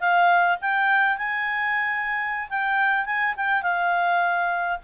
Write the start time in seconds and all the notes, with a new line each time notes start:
0.00 F5
0.61 G5
1.18 G#5
2.49 G5
3.05 G#5
3.37 G5
3.62 F5